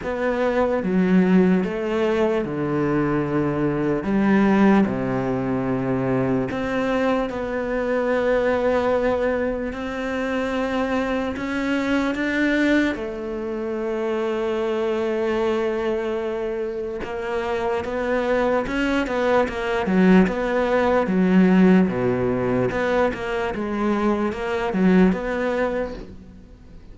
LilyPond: \new Staff \with { instrumentName = "cello" } { \time 4/4 \tempo 4 = 74 b4 fis4 a4 d4~ | d4 g4 c2 | c'4 b2. | c'2 cis'4 d'4 |
a1~ | a4 ais4 b4 cis'8 b8 | ais8 fis8 b4 fis4 b,4 | b8 ais8 gis4 ais8 fis8 b4 | }